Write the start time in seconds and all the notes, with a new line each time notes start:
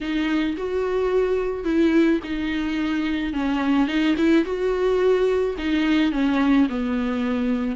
0.01 D#4
0.57 F#4
1.64 E4
2.23 D#4
3.33 C#4
3.87 D#4
4.17 E4
4.44 F#4
5.57 D#4
6.11 C#4
6.69 B3